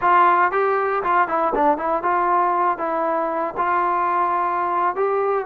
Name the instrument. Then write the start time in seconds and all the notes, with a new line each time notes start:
trombone
0.01 F4
0.51 G4
1.03 F4
1.28 E4
1.54 D4
1.77 E4
2.02 F4
2.78 E4
3.57 F4
4.95 G4